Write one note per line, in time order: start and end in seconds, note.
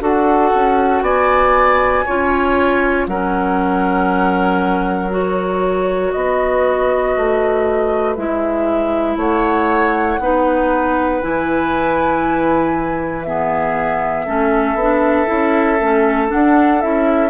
0.00 0.51 D4
0.00 2.03 F#4
0.00 1.03 A4
0.00 1.02 F#5
0.54 1.01 C#4
1.01 2.03 B3
1.01 2.05 D5
1.01 3.06 G#5
2.05 3.07 C#4
2.05 3.09 F4
2.05 3.06 C#5
3.07 6.12 F#3
3.07 5.10 C#4
3.07 6.14 A#4
3.07 5.11 F#5
5.10 8.15 F#4
5.10 6.11 C#5
6.11 7.16 B3
6.11 9.17 B4
6.11 8.14 D#5
7.16 8.17 A3
8.15 9.16 G#3
8.15 10.20 E4
8.15 9.17 E5
9.16 10.18 A3
9.16 10.19 C#5
9.16 11.21 F#5
10.18 11.20 B3
10.18 11.21 D#4
10.18 13.27 B4
11.21 14.25 E3
11.21 13.25 E4
11.21 13.22 G#5
13.22 14.26 B3
13.22 14.25 G#4
13.22 16.28 E5
14.25 14.74 A3
14.25 14.77 C#4
14.25 17.30 A4
14.74 15.25 B3
14.81 15.26 D4
15.26 15.80 C#4
15.26 15.77 E4
15.80 16.31 A3
15.80 16.27 C#4
16.27 16.78 D4
16.27 16.81 F#5
16.34 16.83 D4
16.81 17.30 C#4
16.81 17.30 E4
16.81 17.30 E5